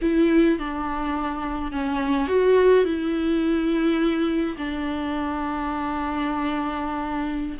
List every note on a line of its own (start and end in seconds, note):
0.01 0.58 E4
0.58 1.71 D4
1.71 2.27 C#4
2.27 2.84 F#4
2.84 4.56 E4
4.57 7.57 D4